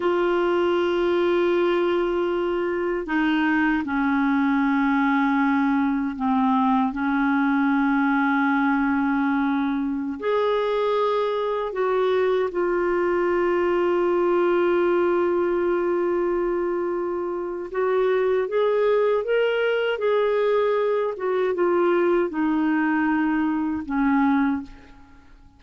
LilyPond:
\new Staff \with { instrumentName = "clarinet" } { \time 4/4 \tempo 4 = 78 f'1 | dis'4 cis'2. | c'4 cis'2.~ | cis'4~ cis'16 gis'2 fis'8.~ |
fis'16 f'2.~ f'8.~ | f'2. fis'4 | gis'4 ais'4 gis'4. fis'8 | f'4 dis'2 cis'4 | }